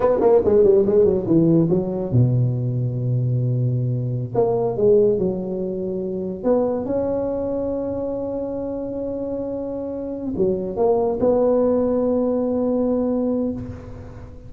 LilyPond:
\new Staff \with { instrumentName = "tuba" } { \time 4/4 \tempo 4 = 142 b8 ais8 gis8 g8 gis8 fis8 e4 | fis4 b,2.~ | b,2~ b,16 ais4 gis8.~ | gis16 fis2. b8.~ |
b16 cis'2.~ cis'8.~ | cis'1~ | cis'8 fis4 ais4 b4.~ | b1 | }